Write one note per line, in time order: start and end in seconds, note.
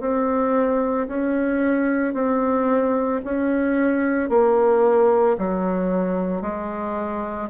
0.00 1.07 C4
1.08 2.14 C#4
2.14 3.21 C4
3.24 4.29 C#4
4.29 5.36 A#3
5.38 6.41 F#3
6.41 7.49 G#3